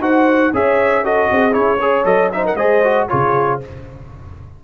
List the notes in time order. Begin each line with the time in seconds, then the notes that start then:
0.00 D#4 F#4 C5 F#5
0.54 C#4 G#4 C#5 E5
1.04 F#4 A4 D#5
1.31 C4 G#4
1.52 C#4 E4 C#5
1.81 G#4 C#5
2.05 F#3 A4 D#5
2.33 D#4 C5 E5
2.46 A#4 F#5
2.56 G#3 G#4 C5 D#5
2.84 F#4
3.09 C#3 F4 G#4 C#5